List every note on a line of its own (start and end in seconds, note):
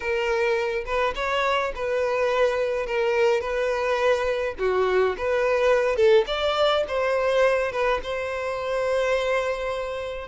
0.00 0.84 A#4
0.85 1.14 B4
1.15 1.72 C#5
1.75 2.86 B4
2.86 3.40 A#4
3.40 4.55 B4
4.59 5.16 F#4
5.17 5.96 B4
5.96 6.24 A4
6.26 6.84 D5
6.88 7.71 C5
7.71 8.00 B4
8.03 10.28 C5